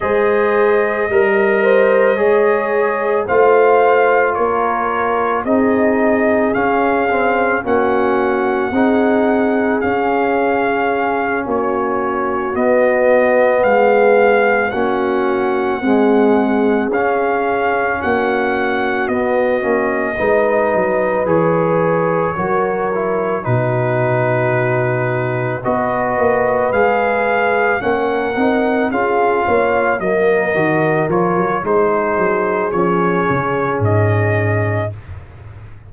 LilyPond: <<
  \new Staff \with { instrumentName = "trumpet" } { \time 4/4 \tempo 4 = 55 dis''2. f''4 | cis''4 dis''4 f''4 fis''4~ | fis''4 f''4. cis''4 dis''8~ | dis''8 f''4 fis''2 f''8~ |
f''8 fis''4 dis''2 cis''8~ | cis''4. b'2 dis''8~ | dis''8 f''4 fis''4 f''4 dis''8~ | dis''8 cis''8 c''4 cis''4 dis''4 | }
  \new Staff \with { instrumentName = "horn" } { \time 4/4 c''4 ais'8 c''8 cis''4 c''4 | ais'4 gis'2 fis'4 | gis'2~ gis'8 fis'4.~ | fis'8 gis'4 fis'4 gis'4.~ |
gis'8 fis'2 b'4.~ | b'8 ais'4 fis'2 b'8~ | b'4. ais'4 gis'8 cis''8 ais'8~ | ais'4 gis'2. | }
  \new Staff \with { instrumentName = "trombone" } { \time 4/4 gis'4 ais'4 gis'4 f'4~ | f'4 dis'4 cis'8 c'8 cis'4 | dis'4 cis'2~ cis'8 b8~ | b4. cis'4 gis4 cis'8~ |
cis'4. b8 cis'8 dis'4 gis'8~ | gis'8 fis'8 e'8 dis'2 fis'8~ | fis'8 gis'4 cis'8 dis'8 f'4 ais8 | fis'8 f'8 dis'4 cis'2 | }
  \new Staff \with { instrumentName = "tuba" } { \time 4/4 gis4 g4 gis4 a4 | ais4 c'4 cis'4 ais4 | c'4 cis'4. ais4 b8~ | b8 gis4 ais4 c'4 cis'8~ |
cis'8 ais4 b8 ais8 gis8 fis8 e8~ | e8 fis4 b,2 b8 | ais8 gis4 ais8 c'8 cis'8 ais8 fis8 | dis8 f16 fis16 gis8 fis8 f8 cis8 gis,4 | }
>>